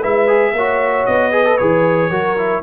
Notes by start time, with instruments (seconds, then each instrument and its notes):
0.00 tuba G#3, trombone E4, horn B4, trumpet E5
0.28 trombone G#4
0.53 tuba A#3, trombone F#4, horn C#5
1.06 tuba B3, trumpet D#5
1.32 trombone G#4, horn B4
1.45 trombone A4
1.58 tuba E3, trombone G#4, trumpet C#5
2.10 tuba F#3, trombone F#4, horn A#4
2.38 trombone E4